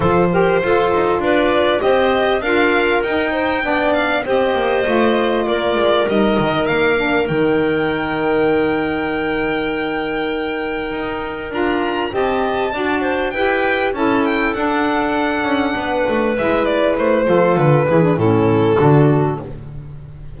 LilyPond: <<
  \new Staff \with { instrumentName = "violin" } { \time 4/4 \tempo 4 = 99 c''2 d''4 dis''4 | f''4 g''4. f''8 dis''4~ | dis''4 d''4 dis''4 f''4 | g''1~ |
g''2. ais''4 | a''2 g''4 a''8 g''8 | fis''2. e''8 d''8 | c''4 b'4 a'2 | }
  \new Staff \with { instrumentName = "clarinet" } { \time 4/4 a'8 ais'8 a'4 b'4 c''4 | ais'4. c''8 d''4 c''4~ | c''4 ais'2.~ | ais'1~ |
ais'1 | dis''4 d''8 c''8 b'4 a'4~ | a'2 b'2~ | b'8 a'4 gis'8 e'4 fis'4 | }
  \new Staff \with { instrumentName = "saxophone" } { \time 4/4 f'8 g'8 f'2 g'4 | f'4 dis'4 d'4 g'4 | f'2 dis'4. d'8 | dis'1~ |
dis'2. f'4 | g'4 fis'4 g'4 e'4 | d'2. e'4~ | e'8 f'4 e'16 d'16 cis'4 d'4 | }
  \new Staff \with { instrumentName = "double bass" } { \time 4/4 f4 f'8 dis'8 d'4 c'4 | d'4 dis'4 b4 c'8 ais8 | a4 ais8 gis8 g8 dis8 ais4 | dis1~ |
dis2 dis'4 d'4 | c'4 d'4 e'4 cis'4 | d'4. cis'8 b8 a8 gis4 | a8 f8 d8 e8 a,4 d4 | }
>>